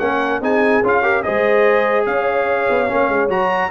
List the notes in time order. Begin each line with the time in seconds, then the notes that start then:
0.00 A#3 C#4 A#4 F#5
0.41 C4 D#4 G#4 G#5
0.83 C#4 F4 F5
1.03 G4 A#4
1.23 G#3 G#4 C5 D#5
2.06 C#4 C#5 F5
2.70 B3
2.88 A#3 C#4
3.09 G#3
3.29 F#3 F#4 A#5